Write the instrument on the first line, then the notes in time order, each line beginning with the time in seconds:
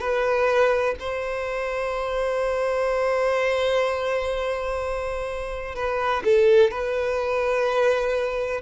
violin
0.00 B4
1.00 C5
5.75 B4
6.24 A4
6.71 B4